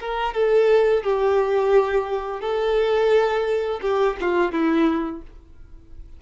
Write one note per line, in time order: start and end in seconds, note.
0.00 0.33 A#4
0.33 1.03 A4
1.03 2.40 G4
2.40 3.80 A4
3.81 4.16 G4
4.20 4.52 F4
4.52 5.21 E4